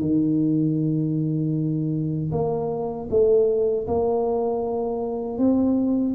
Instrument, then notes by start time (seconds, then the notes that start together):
tuba
0.00 D#3
2.31 A#3
3.09 A3
3.87 A#3
5.38 C4